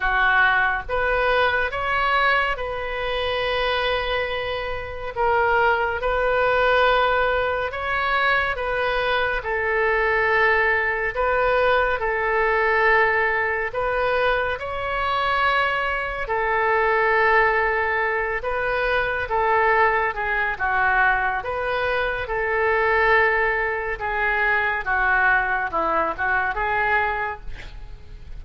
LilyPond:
\new Staff \with { instrumentName = "oboe" } { \time 4/4 \tempo 4 = 70 fis'4 b'4 cis''4 b'4~ | b'2 ais'4 b'4~ | b'4 cis''4 b'4 a'4~ | a'4 b'4 a'2 |
b'4 cis''2 a'4~ | a'4. b'4 a'4 gis'8 | fis'4 b'4 a'2 | gis'4 fis'4 e'8 fis'8 gis'4 | }